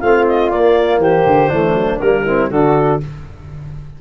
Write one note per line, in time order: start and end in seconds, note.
0.00 0.52 A3
0.00 0.52 C4
0.00 1.00 F4
0.00 0.25 F5
0.27 0.50 D#5
0.50 0.98 A#3
0.50 1.51 A#3
0.50 1.00 D5
0.98 1.23 E3
0.98 1.49 G4
0.98 1.99 C5
1.26 1.51 D3
1.49 1.74 E3
1.49 2.01 A3
1.49 2.24 D4
1.74 1.99 F#3
1.99 2.51 G3
1.99 2.27 A#3
1.99 2.49 A#4
2.25 2.51 C4
2.25 2.50 E4
2.50 3.01 D3
2.50 3.01 D4
2.50 3.00 F#4
2.50 3.00 A4